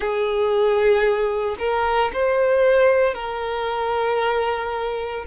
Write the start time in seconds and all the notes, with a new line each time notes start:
0.00 G#4
1.58 A#4
2.13 C5
3.14 A#4